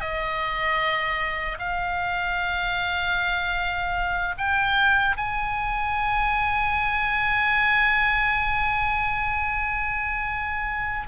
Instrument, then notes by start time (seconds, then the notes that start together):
oboe
0.00 D#5
1.59 F5
4.37 G5
5.16 G#5